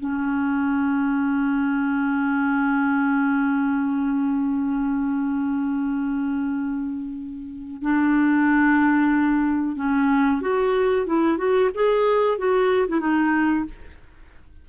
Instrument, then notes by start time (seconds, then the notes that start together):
clarinet
0.00 C#4
7.83 D4
9.76 C#4
10.42 F#4
11.07 E4
11.38 F#4
11.75 G#4
12.39 F#4
12.89 E4
13.00 D#4